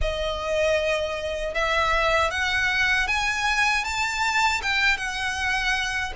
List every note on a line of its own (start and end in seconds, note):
0.01 1.54 D#5
1.54 2.30 E5
2.30 3.07 F#5
3.07 3.84 G#5
3.84 4.61 A5
4.62 4.97 G5
4.97 6.12 F#5